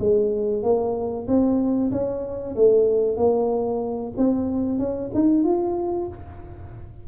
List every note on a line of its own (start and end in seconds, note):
0.00 0.63 G#3
0.63 1.27 A#3
1.28 1.91 C4
1.92 2.56 C#4
2.56 3.17 A3
3.17 4.13 A#3
4.17 4.79 C4
4.79 5.11 C#4
5.14 5.44 D#4
5.44 6.08 F4